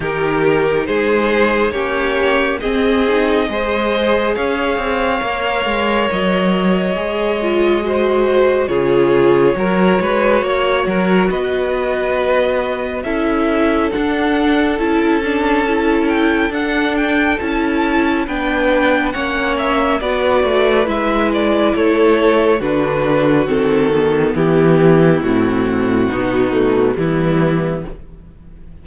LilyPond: <<
  \new Staff \with { instrumentName = "violin" } { \time 4/4 \tempo 4 = 69 ais'4 c''4 cis''4 dis''4~ | dis''4 f''2 dis''4~ | dis''2 cis''2~ | cis''4 dis''2 e''4 |
fis''4 a''4. g''8 fis''8 g''8 | a''4 g''4 fis''8 e''8 d''4 | e''8 d''8 cis''4 b'4 a'4 | g'4 fis'2 e'4 | }
  \new Staff \with { instrumentName = "violin" } { \time 4/4 g'4 gis'4 g'4 gis'4 | c''4 cis''2.~ | cis''4 c''4 gis'4 ais'8 b'8 | cis''8 ais'8 b'2 a'4~ |
a'1~ | a'4 b'4 cis''4 b'4~ | b'4 a'4 fis'2 | e'2 dis'4 b4 | }
  \new Staff \with { instrumentName = "viola" } { \time 4/4 dis'2 cis'4 c'8 dis'8 | gis'2 ais'2 | gis'8 f'8 fis'4 f'4 fis'4~ | fis'2. e'4 |
d'4 e'8 d'8 e'4 d'4 | e'4 d'4 cis'4 fis'4 | e'2 d'4 c'8 b8~ | b4 c'4 b8 a8 g4 | }
  \new Staff \with { instrumentName = "cello" } { \time 4/4 dis4 gis4 ais4 c'4 | gis4 cis'8 c'8 ais8 gis8 fis4 | gis2 cis4 fis8 gis8 | ais8 fis8 b2 cis'4 |
d'4 cis'2 d'4 | cis'4 b4 ais4 b8 a8 | gis4 a4 d4 dis4 | e4 a,4 b,4 e4 | }
>>